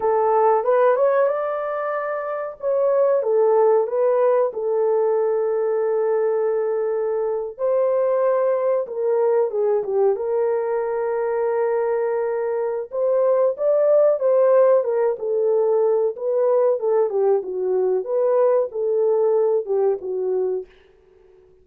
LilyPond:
\new Staff \with { instrumentName = "horn" } { \time 4/4 \tempo 4 = 93 a'4 b'8 cis''8 d''2 | cis''4 a'4 b'4 a'4~ | a'2.~ a'8. c''16~ | c''4.~ c''16 ais'4 gis'8 g'8 ais'16~ |
ais'1 | c''4 d''4 c''4 ais'8 a'8~ | a'4 b'4 a'8 g'8 fis'4 | b'4 a'4. g'8 fis'4 | }